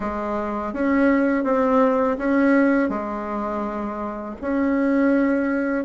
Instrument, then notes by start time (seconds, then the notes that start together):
bassoon
0.00 G#3
0.73 C#4
1.44 C4
2.18 C#4
2.89 G#3
4.41 C#4